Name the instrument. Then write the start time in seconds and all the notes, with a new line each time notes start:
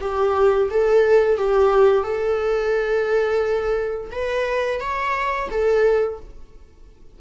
viola
0.00 G4
0.71 A4
1.38 G4
2.03 A4
4.11 B4
4.80 C#5
5.50 A4